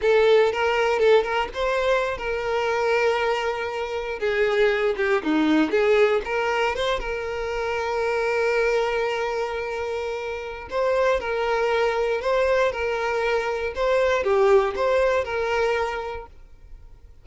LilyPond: \new Staff \with { instrumentName = "violin" } { \time 4/4 \tempo 4 = 118 a'4 ais'4 a'8 ais'8 c''4~ | c''16 ais'2.~ ais'8.~ | ais'16 gis'4. g'8 dis'4 gis'8.~ | gis'16 ais'4 c''8 ais'2~ ais'16~ |
ais'1~ | ais'4 c''4 ais'2 | c''4 ais'2 c''4 | g'4 c''4 ais'2 | }